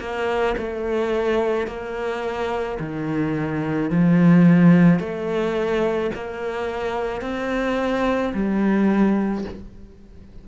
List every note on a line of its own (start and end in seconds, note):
0.00 0.56 A#3
0.58 1.67 A3
1.67 2.78 A#3
2.80 3.90 D#3
3.90 4.99 F3
4.99 6.11 A3
6.15 7.22 A#3
7.22 8.33 C4
8.34 9.45 G3